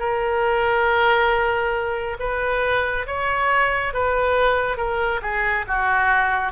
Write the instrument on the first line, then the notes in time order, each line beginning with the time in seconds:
oboe
0.00 A#4
2.20 B4
3.07 C#5
3.94 B4
4.77 A#4
5.22 G#4
5.68 F#4